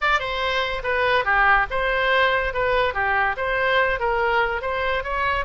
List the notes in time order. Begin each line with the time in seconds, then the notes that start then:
0.01 D5
0.19 C5
0.83 B4
1.24 G4
1.70 C5
2.53 B4
2.94 G4
3.37 C5
3.99 A#4
4.61 C5
5.03 C#5